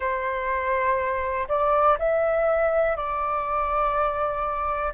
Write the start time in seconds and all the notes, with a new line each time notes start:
0.00 C5
1.48 D5
1.99 E5
2.96 D5